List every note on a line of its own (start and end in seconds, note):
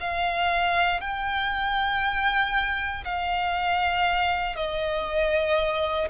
0.00 1.00 F5
1.00 3.04 G5
3.05 4.55 F5
4.55 6.08 D#5